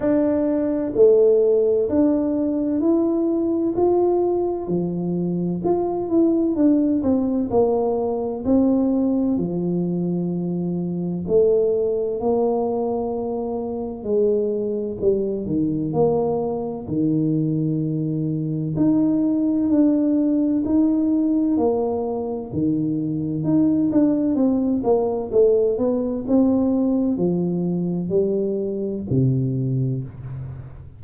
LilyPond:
\new Staff \with { instrumentName = "tuba" } { \time 4/4 \tempo 4 = 64 d'4 a4 d'4 e'4 | f'4 f4 f'8 e'8 d'8 c'8 | ais4 c'4 f2 | a4 ais2 gis4 |
g8 dis8 ais4 dis2 | dis'4 d'4 dis'4 ais4 | dis4 dis'8 d'8 c'8 ais8 a8 b8 | c'4 f4 g4 c4 | }